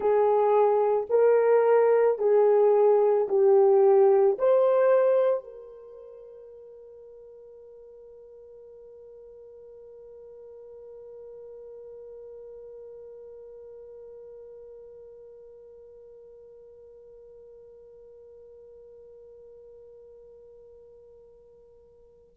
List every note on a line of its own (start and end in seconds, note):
0.00 1.07 G#4
1.09 2.18 A#4
2.18 3.27 G#4
3.28 4.37 G4
4.38 5.43 C5
5.43 22.34 A#4